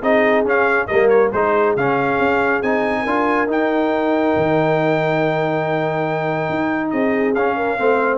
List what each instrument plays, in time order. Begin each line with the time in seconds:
0.00 tuba C4, trombone D#4, horn G#4, trumpet D#5
0.45 tuba C#4, trombone C#4, trumpet F5
0.86 tuba G3, trombone A#3, horn A#4, trumpet D#5
1.09 trumpet C#5
1.31 tuba G#3, trombone D#4, horn G#4, trumpet C5
1.75 tuba C#3, trombone C#4, trumpet F5
2.18 tuba C#4
2.62 tuba C4, trombone D#4, trumpet G#5
3.01 tuba D4, trombone F4, horn A#4
3.46 tuba D#4, trombone D#4, trumpet G5
4.36 tuba D#3
6.49 tuba D#4
6.90 tuba C4, horn G#4, trumpet D#5
7.34 tuba C#4, trombone C#4, trumpet F5
7.56 horn A#4
7.78 tuba A3, trombone C4, horn C5